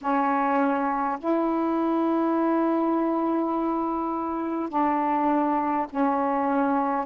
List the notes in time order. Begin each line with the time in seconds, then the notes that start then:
0.01 C#4
1.19 E4
4.68 D4
5.89 C#4